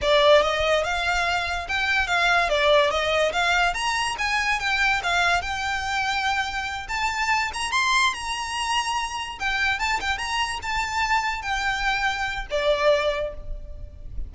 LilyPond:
\new Staff \with { instrumentName = "violin" } { \time 4/4 \tempo 4 = 144 d''4 dis''4 f''2 | g''4 f''4 d''4 dis''4 | f''4 ais''4 gis''4 g''4 | f''4 g''2.~ |
g''8 a''4. ais''8 c'''4 ais''8~ | ais''2~ ais''8 g''4 a''8 | g''8 ais''4 a''2 g''8~ | g''2 d''2 | }